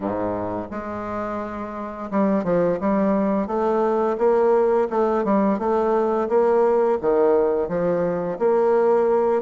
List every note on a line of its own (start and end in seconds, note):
0.00 0.68 G#2
0.70 2.10 G#3
2.11 2.44 G3
2.44 2.78 F3
2.80 3.47 G3
3.47 4.17 A3
4.18 4.87 A#3
4.90 5.24 A3
5.24 5.58 G3
5.58 6.28 A3
6.28 6.98 A#3
7.01 7.68 D#3
7.68 8.38 F3
8.38 9.42 A#3